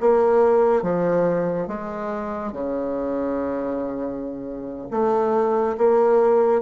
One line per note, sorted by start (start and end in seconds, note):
0.00 0.82 A#3
0.82 1.68 F3
1.68 2.52 G#3
2.52 4.88 C#3
4.91 5.76 A3
5.77 6.62 A#3